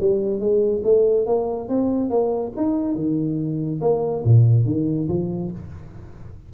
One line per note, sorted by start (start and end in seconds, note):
0.00 0.40 G3
0.40 0.82 G#3
0.83 1.26 A3
1.26 1.68 A#3
1.68 2.09 C4
2.09 2.52 A#3
2.56 2.95 D#4
2.95 3.80 D#3
3.81 4.23 A#3
4.24 4.65 A#2
4.65 5.08 D#3
5.08 5.51 F3